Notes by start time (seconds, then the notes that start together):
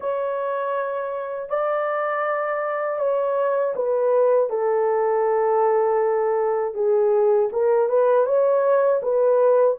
0.00 C#5
1.49 D5
2.99 C#5
3.75 B4
4.49 A4
6.74 G#4
7.52 A#4
7.88 B4
8.25 C#5
9.02 B4